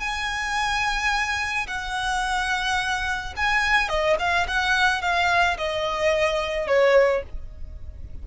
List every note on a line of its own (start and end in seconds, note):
0.00 1.67 G#5
1.67 3.34 F#5
3.36 3.89 G#5
3.89 4.17 D#5
4.19 4.47 F5
4.48 5.02 F#5
5.02 5.57 F5
5.58 6.67 D#5
6.67 7.23 C#5